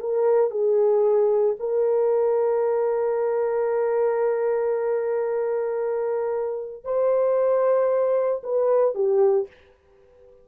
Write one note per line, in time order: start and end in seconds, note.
0.00 0.51 A#4
0.51 1.56 G#4
1.60 6.84 A#4
6.84 8.42 C5
8.44 8.95 B4
8.95 9.48 G4